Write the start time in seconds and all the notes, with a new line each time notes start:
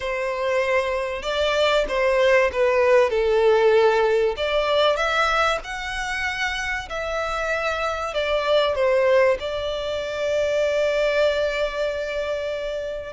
0.00 C5
1.22 D5
1.88 C5
2.52 B4
3.10 A4
4.36 D5
4.96 E5
5.64 F#5
6.89 E5
8.14 D5
8.75 C5
9.39 D5